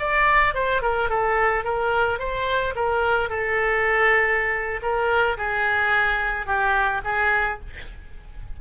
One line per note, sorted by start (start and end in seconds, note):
0.00 0.55 D5
0.55 0.82 C5
0.82 1.10 A#4
1.10 1.65 A4
1.65 2.20 A#4
2.20 2.75 C5
2.76 3.30 A#4
3.30 4.81 A4
4.83 5.38 A#4
5.38 6.47 G#4
6.47 7.02 G4
7.05 7.60 G#4